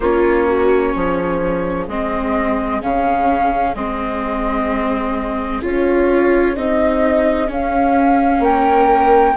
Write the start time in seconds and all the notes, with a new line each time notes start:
0.00 A#3 C#4 F4 C#5
0.47 F#4
0.93 F3 G#4
1.88 G#3 C4 D#5
2.81 C#3 C#4 F5
3.74 G#3 C4 D#5
5.62 C#4 F4 C#5
6.55 C4 D#4 D#5
7.46 C#4 F5
8.39 A#3 A#4 G5